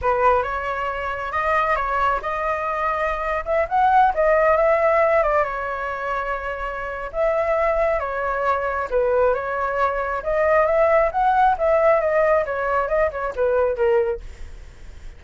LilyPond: \new Staff \with { instrumentName = "flute" } { \time 4/4 \tempo 4 = 135 b'4 cis''2 dis''4 | cis''4 dis''2~ dis''8. e''16~ | e''16 fis''4 dis''4 e''4. d''16~ | d''16 cis''2.~ cis''8. |
e''2 cis''2 | b'4 cis''2 dis''4 | e''4 fis''4 e''4 dis''4 | cis''4 dis''8 cis''8 b'4 ais'4 | }